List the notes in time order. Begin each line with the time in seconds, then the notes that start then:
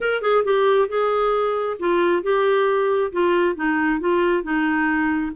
0.00 A#4
0.21 G#4
0.44 G4
0.88 G#4
1.79 F4
2.22 G4
3.12 F4
3.55 D#4
4.00 F4
4.43 D#4